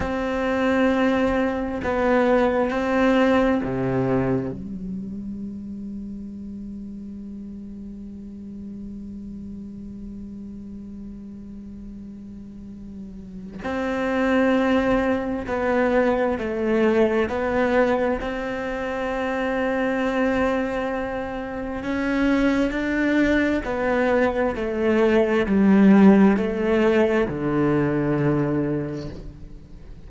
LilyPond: \new Staff \with { instrumentName = "cello" } { \time 4/4 \tempo 4 = 66 c'2 b4 c'4 | c4 g2.~ | g1~ | g2. c'4~ |
c'4 b4 a4 b4 | c'1 | cis'4 d'4 b4 a4 | g4 a4 d2 | }